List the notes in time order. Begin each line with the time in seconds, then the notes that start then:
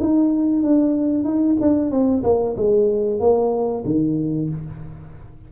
0.00 D#4
0.62 D4
1.24 D#4
1.61 D4
1.91 C4
2.23 A#3
2.56 G#3
3.20 A#3
3.85 D#3